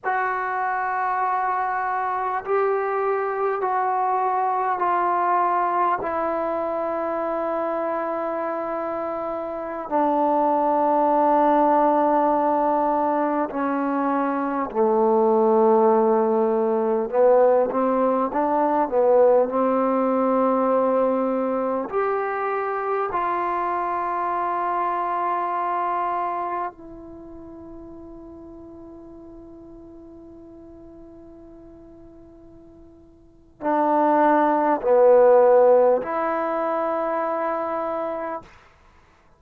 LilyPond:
\new Staff \with { instrumentName = "trombone" } { \time 4/4 \tempo 4 = 50 fis'2 g'4 fis'4 | f'4 e'2.~ | e'16 d'2. cis'8.~ | cis'16 a2 b8 c'8 d'8 b16~ |
b16 c'2 g'4 f'8.~ | f'2~ f'16 e'4.~ e'16~ | e'1 | d'4 b4 e'2 | }